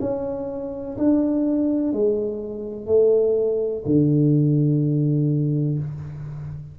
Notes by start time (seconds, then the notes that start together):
0.00 C#4
0.97 D4
1.93 G#3
2.86 A3
3.85 D3